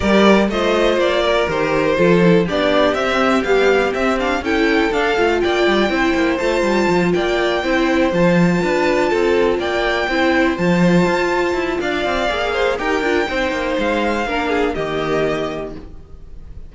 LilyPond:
<<
  \new Staff \with { instrumentName = "violin" } { \time 4/4 \tempo 4 = 122 d''4 dis''4 d''4 c''4~ | c''4 d''4 e''4 f''4 | e''8 f''8 g''4 f''4 g''4~ | g''4 a''4. g''4.~ |
g''8 a''2. g''8~ | g''4. a''2~ a''8 | f''2 g''2 | f''2 dis''2 | }
  \new Staff \with { instrumentName = "violin" } { \time 4/4 ais'4 c''4. ais'4. | a'4 g'2.~ | g'4 a'2 d''4 | c''2~ c''8 d''4 c''8~ |
c''4. b'4 a'4 d''8~ | d''8 c''2.~ c''8 | d''4. c''8 ais'4 c''4~ | c''4 ais'8 gis'8 g'2 | }
  \new Staff \with { instrumentName = "viola" } { \time 4/4 g'4 f'2 g'4 | f'8 e'8 d'4 c'4 g4 | c'8 d'8 e'4 d'8 f'4. | e'4 f'2~ f'8 e'8~ |
e'8 f'2.~ f'8~ | f'8 e'4 f'2~ f'8~ | f'4 gis'4 g'8 f'8 dis'4~ | dis'4 d'4 ais2 | }
  \new Staff \with { instrumentName = "cello" } { \time 4/4 g4 a4 ais4 dis4 | f4 b4 c'4 b4 | c'4 cis'4 d'8 a8 ais8 g8 | c'8 ais8 a8 g8 f8 ais4 c'8~ |
c'8 f4 d'4 c'4 ais8~ | ais8 c'4 f4 f'4 e'8 | d'8 c'8 ais4 dis'8 d'8 c'8 ais8 | gis4 ais4 dis2 | }
>>